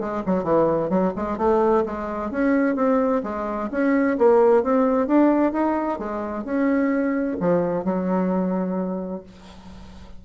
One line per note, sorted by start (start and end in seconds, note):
0.00 0.23 G#3
0.26 0.44 F#3
0.44 0.90 E3
0.90 1.13 F#3
1.16 1.38 G#3
1.38 1.84 A3
1.86 2.31 G#3
2.31 2.76 C#4
2.76 3.22 C4
3.23 3.70 G#3
3.71 4.17 C#4
4.18 4.63 A#3
4.63 5.07 C4
5.07 5.53 D4
5.53 5.99 D#4
5.99 6.45 G#3
6.45 7.37 C#4
7.40 7.85 F3
7.85 9.23 F#3